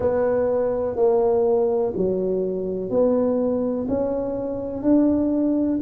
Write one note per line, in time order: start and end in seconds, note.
0.00 0.95 B3
0.95 1.92 A#3
1.96 2.89 F#3
2.89 3.86 B3
3.88 4.82 C#4
4.82 5.78 D4